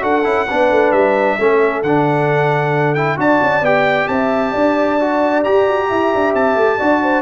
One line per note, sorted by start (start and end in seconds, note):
0.00 0.25 D4
0.00 0.23 F#4
0.00 0.47 A4
0.00 0.92 F#5
0.24 0.48 C#4
0.24 0.46 E4
0.47 0.70 B3
0.47 1.39 D4
0.47 1.37 B4
0.70 0.92 A3
0.92 1.37 G3
0.92 1.82 E5
1.39 1.82 A3
1.39 1.84 C#4
1.39 3.19 A4
1.82 3.18 D3
1.82 2.96 D4
1.82 2.94 F#5
2.94 3.17 E4
2.94 3.17 G5
3.17 3.40 D4
3.17 3.62 F#4
3.17 4.09 D5
3.17 3.65 A5
3.42 3.61 C#4
3.61 4.07 B3
3.61 4.99 G4
3.61 4.08 G5
4.08 4.54 C4
4.08 4.52 E5
4.08 5.43 A5
4.52 5.45 D4
4.52 5.87 D5
5.00 5.44 F#4
5.44 6.80 G4
5.44 5.68 G4
5.44 6.34 A#5
5.68 5.90 F#4
5.89 6.14 E4
5.89 6.78 E5
6.15 6.34 D4
6.34 6.56 C4
6.34 7.22 A5
6.56 6.78 A3
6.78 7.22 D4
6.78 7.22 F#4
6.78 7.00 D5
7.02 7.22 C5